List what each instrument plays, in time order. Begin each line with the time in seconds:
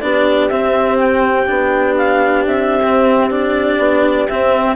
0.00 bassoon B3, cello D4, horn G4, clarinet D5
0.48 bassoon C4, cello C4, clarinet E5
0.98 clarinet G5
1.46 bassoon B3, cello D4
1.96 clarinet F5
2.46 bassoon C4, clarinet E5
2.82 cello C4
3.30 cello D4, clarinet D5
3.78 bassoon B3
4.28 cello C4, bassoon C4, clarinet E5